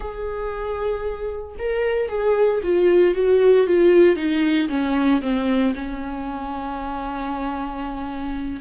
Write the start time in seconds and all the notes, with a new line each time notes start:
0.00 G#4
1.58 A#4
2.08 G#4
2.63 F4
3.14 F#4
3.66 F4
4.16 D#4
4.69 C#4
5.21 C4
5.75 C#4